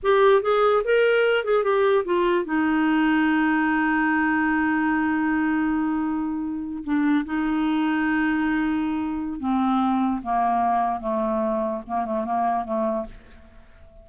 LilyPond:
\new Staff \with { instrumentName = "clarinet" } { \time 4/4 \tempo 4 = 147 g'4 gis'4 ais'4. gis'8 | g'4 f'4 dis'2~ | dis'1~ | dis'1~ |
dis'8. d'4 dis'2~ dis'16~ | dis'2. c'4~ | c'4 ais2 a4~ | a4 ais8 a8 ais4 a4 | }